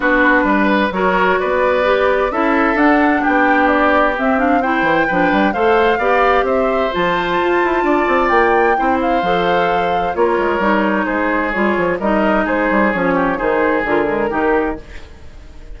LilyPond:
<<
  \new Staff \with { instrumentName = "flute" } { \time 4/4 \tempo 4 = 130 b'2 cis''4 d''4~ | d''4 e''4 fis''4 g''4 | d''4 e''8 f''8 g''2 | f''2 e''4 a''4~ |
a''2 g''4. f''8~ | f''2 cis''2 | c''4 cis''4 dis''4 c''4 | cis''4 c''4 ais'2 | }
  \new Staff \with { instrumentName = "oboe" } { \time 4/4 fis'4 b'4 ais'4 b'4~ | b'4 a'2 g'4~ | g'2 c''4 b'4 | c''4 d''4 c''2~ |
c''4 d''2 c''4~ | c''2 ais'2 | gis'2 ais'4 gis'4~ | gis'8 g'8 gis'2 g'4 | }
  \new Staff \with { instrumentName = "clarinet" } { \time 4/4 d'2 fis'2 | g'4 e'4 d'2~ | d'4 c'8 d'8 e'4 d'4 | a'4 g'2 f'4~ |
f'2. e'4 | a'2 f'4 dis'4~ | dis'4 f'4 dis'2 | cis'4 dis'4 f'8 gis8 dis'4 | }
  \new Staff \with { instrumentName = "bassoon" } { \time 4/4 b4 g4 fis4 b4~ | b4 cis'4 d'4 b4~ | b4 c'4. e8 f8 g8 | a4 b4 c'4 f4 |
f'8 e'8 d'8 c'8 ais4 c'4 | f2 ais8 gis8 g4 | gis4 g8 f8 g4 gis8 g8 | f4 dis4 d4 dis4 | }
>>